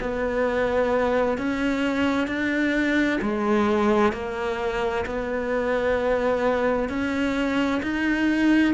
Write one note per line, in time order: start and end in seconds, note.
0.00 1.38 B3
1.38 2.27 C#4
2.27 3.19 D4
3.21 4.12 G#3
4.12 5.05 A#3
5.06 6.89 B3
6.89 7.81 C#4
7.82 8.74 D#4